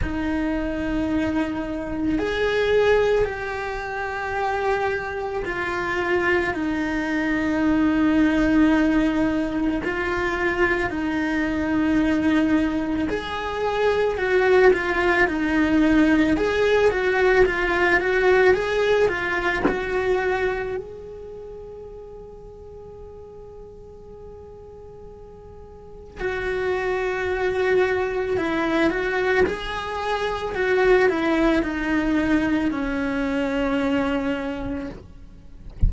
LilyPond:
\new Staff \with { instrumentName = "cello" } { \time 4/4 \tempo 4 = 55 dis'2 gis'4 g'4~ | g'4 f'4 dis'2~ | dis'4 f'4 dis'2 | gis'4 fis'8 f'8 dis'4 gis'8 fis'8 |
f'8 fis'8 gis'8 f'8 fis'4 gis'4~ | gis'1 | fis'2 e'8 fis'8 gis'4 | fis'8 e'8 dis'4 cis'2 | }